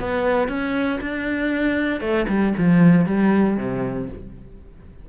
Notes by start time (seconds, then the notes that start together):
0.00 B3
0.48 C#4
1.01 D4
2.01 A3
2.29 G3
2.58 F3
3.06 G3
3.58 C3